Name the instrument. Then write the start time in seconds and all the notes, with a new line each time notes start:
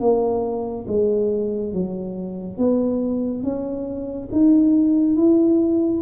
tuba
0.00 A#3
0.88 G#3
1.73 F#3
2.58 B3
3.43 C#4
4.32 D#4
5.17 E4